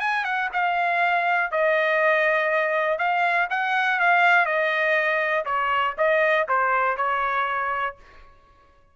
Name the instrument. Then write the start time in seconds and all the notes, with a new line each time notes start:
trumpet
0.00 G#5
0.25 F#5
0.53 F5
1.51 D#5
2.98 F5
3.50 F#5
4.00 F5
4.46 D#5
5.45 C#5
5.98 D#5
6.49 C5
6.97 C#5